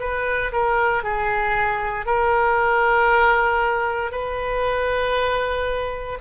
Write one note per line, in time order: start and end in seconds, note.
0.00 0.52 B4
0.52 1.03 A#4
1.03 2.06 G#4
2.06 4.11 A#4
4.11 6.18 B4